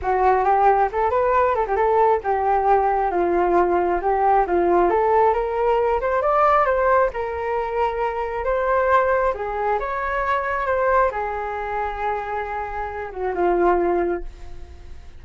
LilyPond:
\new Staff \with { instrumentName = "flute" } { \time 4/4 \tempo 4 = 135 fis'4 g'4 a'8 b'4 a'16 g'16 | a'4 g'2 f'4~ | f'4 g'4 f'4 a'4 | ais'4. c''8 d''4 c''4 |
ais'2. c''4~ | c''4 gis'4 cis''2 | c''4 gis'2.~ | gis'4. fis'8 f'2 | }